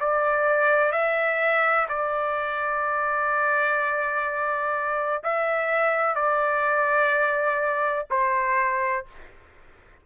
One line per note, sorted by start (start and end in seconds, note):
0.00 0.92 D5
0.92 1.87 E5
1.89 5.23 D5
5.24 6.16 E5
6.16 8.06 D5
8.11 9.06 C5